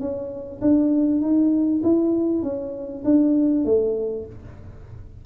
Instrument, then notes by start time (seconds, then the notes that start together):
tuba
0.00 C#4
0.61 D4
1.21 D#4
1.83 E4
2.43 C#4
3.04 D4
3.65 A3